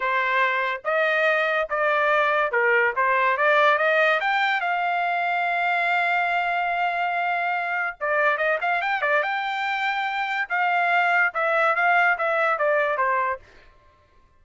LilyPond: \new Staff \with { instrumentName = "trumpet" } { \time 4/4 \tempo 4 = 143 c''2 dis''2 | d''2 ais'4 c''4 | d''4 dis''4 g''4 f''4~ | f''1~ |
f''2. d''4 | dis''8 f''8 g''8 d''8 g''2~ | g''4 f''2 e''4 | f''4 e''4 d''4 c''4 | }